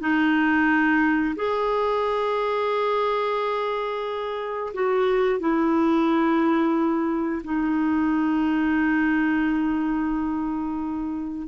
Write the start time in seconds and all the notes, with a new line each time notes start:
0.00 D#4
1.36 G#4
4.73 F#4
5.40 E4
7.44 D#4